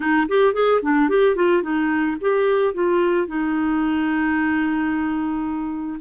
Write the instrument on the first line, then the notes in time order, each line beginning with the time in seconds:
clarinet
0.00 D#4
0.28 G4
0.53 G#4
0.82 D4
1.09 G4
1.35 F4
1.62 D#4
2.21 G4
2.74 F4
3.27 D#4